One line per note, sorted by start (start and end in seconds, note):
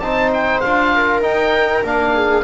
0.00 0.61 C4
0.00 0.63 D#4
0.00 0.95 C5
0.00 0.30 A5
0.34 0.60 G5
0.60 1.23 D4
0.60 1.22 F4
0.60 1.21 F5
0.95 2.14 A#4
1.22 1.82 D#4
1.22 1.84 D#4
1.22 1.84 G5
1.83 2.44 A#3
1.83 2.44 D4
1.83 2.44 F5
2.14 2.44 G#4